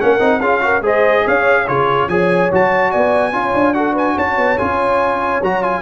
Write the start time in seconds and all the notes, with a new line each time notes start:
0.00 A#3 C#4 A#4 F#5
0.20 C4 D#4
0.40 C#4 F4 G#4 F5
0.61 F#4 A#4
0.82 G#3 G#4 C5 D#5
1.25 C#4 C#5 F5
1.67 C#3 F4 G#4 C#5
2.08 F3 G#4 C#5 G#5
2.52 F#3 F#4 A5
2.91 B3 D5 G#5
3.32 C#4 F4 C#5
3.53 D4
3.74 F#4 A4 F#5
3.93 B4 G#5
4.16 C#4 C#5 A5
4.37 B3
4.58 C#4 F4 G#5
5.41 F#3 F#4 A#5
5.63 F4 G#5